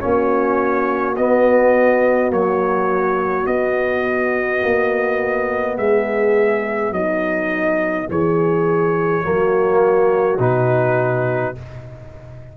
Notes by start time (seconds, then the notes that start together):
0.00 A#3 C#4 F#4 C#5
1.16 B3 D#5
2.30 F#3 A#3 C#5
3.46 B3 D#5
4.63 A#3
5.77 G#3 G#4 E5
6.91 F#3 D#4 D#5
8.09 E3 G#4 C#5
9.23 F#3 A#3 F#4
10.39 B2 D#4 B4